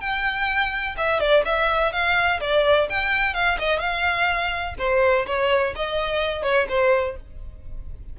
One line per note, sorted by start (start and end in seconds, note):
0.00 0.95 G5
0.97 1.19 E5
1.19 1.43 D5
1.45 1.92 E5
1.92 2.40 F5
2.40 2.87 D5
2.89 3.34 G5
3.34 3.57 F5
3.58 3.79 D#5
3.79 4.74 F5
4.78 5.25 C5
5.26 5.74 C#5
5.75 6.42 D#5
6.42 6.66 C#5
6.68 7.16 C5